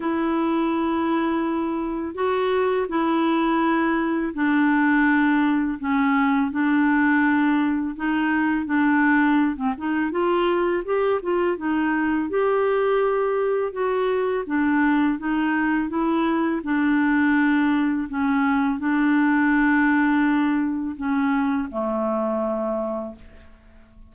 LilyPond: \new Staff \with { instrumentName = "clarinet" } { \time 4/4 \tempo 4 = 83 e'2. fis'4 | e'2 d'2 | cis'4 d'2 dis'4 | d'4~ d'16 c'16 dis'8 f'4 g'8 f'8 |
dis'4 g'2 fis'4 | d'4 dis'4 e'4 d'4~ | d'4 cis'4 d'2~ | d'4 cis'4 a2 | }